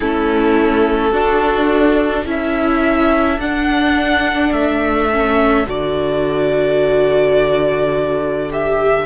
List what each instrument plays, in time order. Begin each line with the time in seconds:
0.00 cello A3, viola C#4, violin E4 A4
1.11 cello D4, viola D4, violin F#4
2.24 cello C#4, viola E4, violin A4 E5
3.37 cello D4, viola D4, violin F#5
4.53 cello A3, violin E5
5.12 viola C#4
5.66 cello D3, viola F#4, violin D5
8.50 viola G4, violin E5